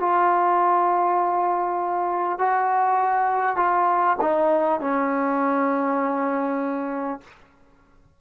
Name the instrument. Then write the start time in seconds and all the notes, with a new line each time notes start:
trombone
0.00 F4
2.39 F#4
3.57 F4
4.22 D#4
4.81 C#4